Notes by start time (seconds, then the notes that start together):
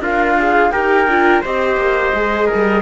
0.00 D4 F4 A#4 F5
0.39 G#4
0.71 D#4 G4 A#4 G5
1.07 D4 F4
1.42 C4 G4 C5 D#5
1.77 A#3
2.14 G#3 G#4
2.47 A#4
2.55 G3